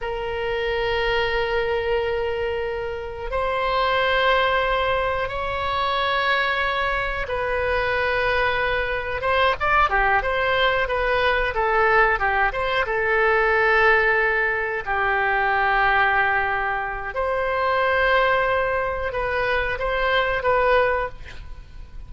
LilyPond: \new Staff \with { instrumentName = "oboe" } { \time 4/4 \tempo 4 = 91 ais'1~ | ais'4 c''2. | cis''2. b'4~ | b'2 c''8 d''8 g'8 c''8~ |
c''8 b'4 a'4 g'8 c''8 a'8~ | a'2~ a'8 g'4.~ | g'2 c''2~ | c''4 b'4 c''4 b'4 | }